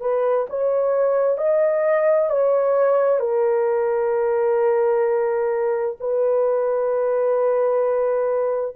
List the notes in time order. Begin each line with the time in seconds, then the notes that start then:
0.00 B4
0.49 C#5
1.37 D#5
2.30 C#5
3.19 A#4
6.00 B4